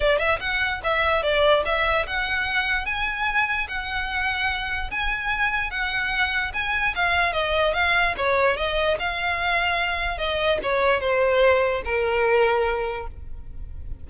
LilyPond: \new Staff \with { instrumentName = "violin" } { \time 4/4 \tempo 4 = 147 d''8 e''8 fis''4 e''4 d''4 | e''4 fis''2 gis''4~ | gis''4 fis''2. | gis''2 fis''2 |
gis''4 f''4 dis''4 f''4 | cis''4 dis''4 f''2~ | f''4 dis''4 cis''4 c''4~ | c''4 ais'2. | }